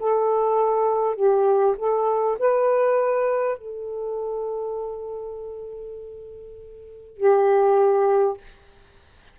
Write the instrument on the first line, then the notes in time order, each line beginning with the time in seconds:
saxophone
0.00 A4
1.15 G4
1.77 A4
2.39 B4
3.58 A4
7.17 G4